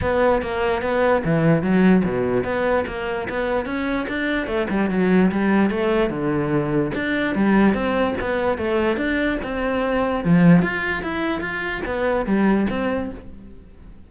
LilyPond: \new Staff \with { instrumentName = "cello" } { \time 4/4 \tempo 4 = 147 b4 ais4 b4 e4 | fis4 b,4 b4 ais4 | b4 cis'4 d'4 a8 g8 | fis4 g4 a4 d4~ |
d4 d'4 g4 c'4 | b4 a4 d'4 c'4~ | c'4 f4 f'4 e'4 | f'4 b4 g4 c'4 | }